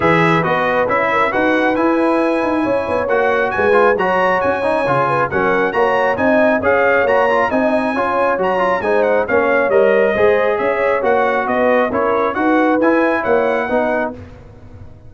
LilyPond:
<<
  \new Staff \with { instrumentName = "trumpet" } { \time 4/4 \tempo 4 = 136 e''4 dis''4 e''4 fis''4 | gis''2. fis''4 | gis''4 ais''4 gis''2 | fis''4 ais''4 gis''4 f''4 |
ais''4 gis''2 ais''4 | gis''8 fis''8 f''4 dis''2 | e''4 fis''4 dis''4 cis''4 | fis''4 gis''4 fis''2 | }
  \new Staff \with { instrumentName = "horn" } { \time 4/4 b'2~ b'8 ais'8 b'4~ | b'2 cis''2 | b'4 cis''2~ cis''8 b'8 | ais'4 cis''4 dis''4 cis''4~ |
cis''4 dis''4 cis''2 | c''4 cis''2 c''4 | cis''2 b'4 ais'4 | b'2 cis''4 b'4 | }
  \new Staff \with { instrumentName = "trombone" } { \time 4/4 gis'4 fis'4 e'4 fis'4 | e'2. fis'4~ | fis'8 f'8 fis'4. dis'8 f'4 | cis'4 fis'4 dis'4 gis'4 |
fis'8 f'8 dis'4 f'4 fis'8 f'8 | dis'4 cis'4 ais'4 gis'4~ | gis'4 fis'2 e'4 | fis'4 e'2 dis'4 | }
  \new Staff \with { instrumentName = "tuba" } { \time 4/4 e4 b4 cis'4 dis'4 | e'4. dis'8 cis'8 b8 ais4 | gis4 fis4 cis'4 cis4 | fis4 ais4 c'4 cis'4 |
ais4 c'4 cis'4 fis4 | gis4 ais4 g4 gis4 | cis'4 ais4 b4 cis'4 | dis'4 e'4 ais4 b4 | }
>>